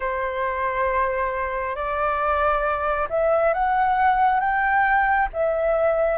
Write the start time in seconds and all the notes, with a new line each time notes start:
0.00 C5
1.75 D5
3.09 E5
3.53 F#5
4.40 G5
5.33 E5